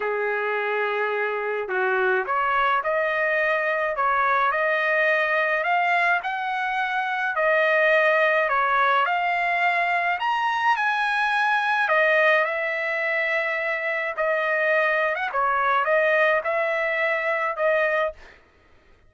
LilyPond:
\new Staff \with { instrumentName = "trumpet" } { \time 4/4 \tempo 4 = 106 gis'2. fis'4 | cis''4 dis''2 cis''4 | dis''2 f''4 fis''4~ | fis''4 dis''2 cis''4 |
f''2 ais''4 gis''4~ | gis''4 dis''4 e''2~ | e''4 dis''4.~ dis''16 fis''16 cis''4 | dis''4 e''2 dis''4 | }